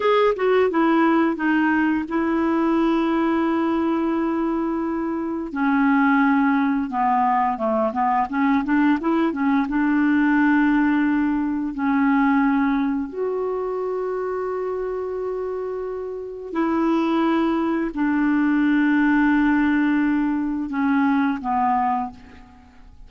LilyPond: \new Staff \with { instrumentName = "clarinet" } { \time 4/4 \tempo 4 = 87 gis'8 fis'8 e'4 dis'4 e'4~ | e'1 | cis'2 b4 a8 b8 | cis'8 d'8 e'8 cis'8 d'2~ |
d'4 cis'2 fis'4~ | fis'1 | e'2 d'2~ | d'2 cis'4 b4 | }